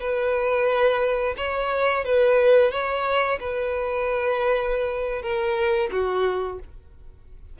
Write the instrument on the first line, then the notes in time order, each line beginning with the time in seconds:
violin
0.00 B4
1.37 C#5
2.05 B4
2.71 C#5
3.40 B4
5.22 A#4
5.91 F#4